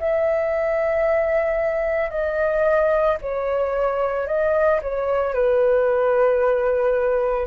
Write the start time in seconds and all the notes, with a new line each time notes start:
0.00 E5
2.10 D#5
3.22 C#5
4.27 D#5
4.82 C#5
5.34 B4